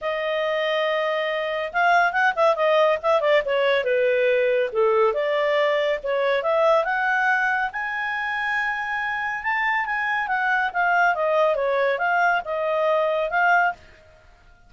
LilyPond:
\new Staff \with { instrumentName = "clarinet" } { \time 4/4 \tempo 4 = 140 dis''1 | f''4 fis''8 e''8 dis''4 e''8 d''8 | cis''4 b'2 a'4 | d''2 cis''4 e''4 |
fis''2 gis''2~ | gis''2 a''4 gis''4 | fis''4 f''4 dis''4 cis''4 | f''4 dis''2 f''4 | }